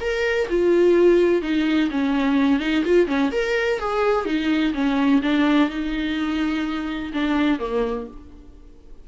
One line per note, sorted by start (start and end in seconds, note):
0.00 0.48 A#4
0.49 1.42 F4
1.42 1.89 D#4
1.90 2.59 C#4
2.59 2.83 D#4
2.84 3.07 F4
3.07 3.31 C#4
3.31 3.79 A#4
3.79 4.25 G#4
4.25 4.73 D#4
4.74 5.21 C#4
5.22 5.69 D4
5.69 7.12 D#4
7.13 7.59 D4
7.59 8.07 A#3